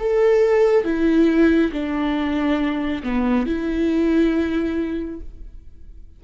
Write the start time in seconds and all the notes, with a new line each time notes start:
0.00 A4
0.85 E4
1.73 D4
3.04 B3
3.47 E4